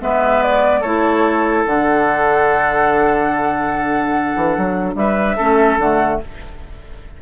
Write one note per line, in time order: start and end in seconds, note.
0.00 0.83 G#3
0.00 0.83 B3
0.00 0.80 B4
0.00 0.42 E5
0.42 0.82 D5
0.80 1.65 A3
0.80 1.67 E4
0.80 4.94 A4
0.80 1.65 C#5
1.65 4.35 D3
1.65 5.38 D4
1.65 4.95 F#5
4.36 4.56 E3
4.57 4.94 F#3
4.94 5.36 G3
4.94 5.36 B4
4.94 5.78 E5
5.36 5.78 A3
5.36 5.80 C#4
5.36 6.19 A4
5.78 6.19 D3
5.78 6.22 A3
5.78 6.21 F#5